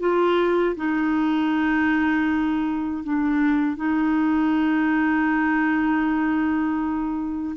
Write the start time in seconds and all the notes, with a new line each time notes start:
0.00 F4
0.76 D#4
3.04 D4
3.77 D#4